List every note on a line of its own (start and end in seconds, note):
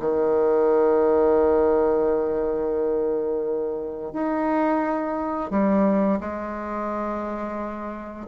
0.00 4.13 D#3
4.13 5.51 D#4
5.51 6.20 G3
6.20 8.27 G#3